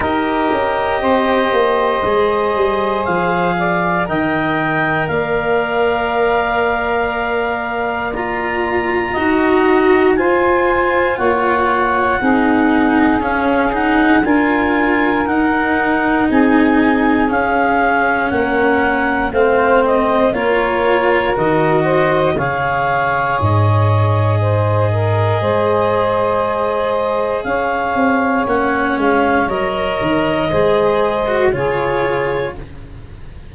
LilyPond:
<<
  \new Staff \with { instrumentName = "clarinet" } { \time 4/4 \tempo 4 = 59 dis''2. f''4 | g''4 f''2. | ais''2 gis''4 fis''4~ | fis''4 f''8 fis''8 gis''4 fis''4 |
gis''4 f''4 fis''4 f''8 dis''8 | cis''4 dis''4 f''4 dis''4~ | dis''2. f''4 | fis''8 f''8 dis''2 cis''4 | }
  \new Staff \with { instrumentName = "saxophone" } { \time 4/4 ais'4 c''2~ c''8 d''8 | dis''4 d''2.~ | d''4 dis''4 c''4 cis''4 | gis'2 ais'2 |
gis'2 ais'4 c''4 | ais'4. c''8 cis''2 | c''8 ais'8 c''2 cis''4~ | cis''2 c''4 gis'4 | }
  \new Staff \with { instrumentName = "cello" } { \time 4/4 g'2 gis'2 | ais'1 | f'4 fis'4 f'2 | dis'4 cis'8 dis'8 f'4 dis'4~ |
dis'4 cis'2 c'4 | f'4 fis'4 gis'2~ | gis'1 | cis'4 ais'4 gis'8. fis'16 f'4 | }
  \new Staff \with { instrumentName = "tuba" } { \time 4/4 dis'8 cis'8 c'8 ais8 gis8 g8 f4 | dis4 ais2.~ | ais4 dis'4 f'4 ais4 | c'4 cis'4 d'4 dis'4 |
c'4 cis'4 ais4 a4 | ais4 dis4 cis4 gis,4~ | gis,4 gis2 cis'8 c'8 | ais8 gis8 fis8 dis8 gis4 cis4 | }
>>